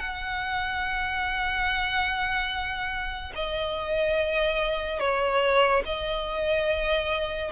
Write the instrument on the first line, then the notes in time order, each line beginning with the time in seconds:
violin
0.00 F#5
3.36 D#5
5.00 C#5
5.86 D#5